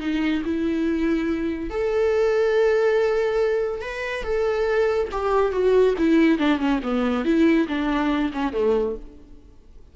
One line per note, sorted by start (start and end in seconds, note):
0.00 0.43 D#4
0.45 1.70 E4
1.70 3.82 A4
3.82 4.23 B4
4.23 5.09 A4
5.12 5.52 G4
5.52 5.95 F#4
5.98 6.38 E4
6.38 6.59 D4
6.59 6.80 C#4
6.83 7.25 B3
7.25 7.67 E4
7.68 8.32 D4
8.33 8.53 C#4
8.53 8.96 A3